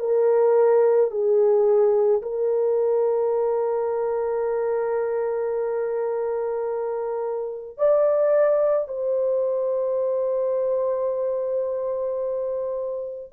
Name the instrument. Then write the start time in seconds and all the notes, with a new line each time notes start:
horn
0.00 A#4
1.11 G#4
2.23 A#4
7.78 D5
8.89 C5